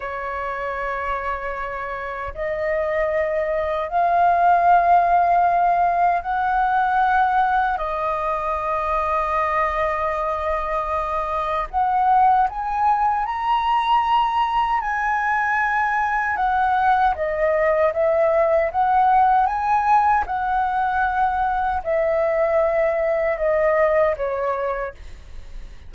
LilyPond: \new Staff \with { instrumentName = "flute" } { \time 4/4 \tempo 4 = 77 cis''2. dis''4~ | dis''4 f''2. | fis''2 dis''2~ | dis''2. fis''4 |
gis''4 ais''2 gis''4~ | gis''4 fis''4 dis''4 e''4 | fis''4 gis''4 fis''2 | e''2 dis''4 cis''4 | }